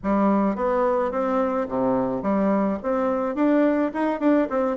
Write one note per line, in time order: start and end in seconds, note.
0.03 0.55 G3
0.55 1.11 B3
1.11 1.67 C4
1.68 2.22 C3
2.22 2.78 G3
2.83 3.35 C4
3.35 3.91 D4
3.93 4.20 D#4
4.20 4.48 D4
4.49 4.76 C4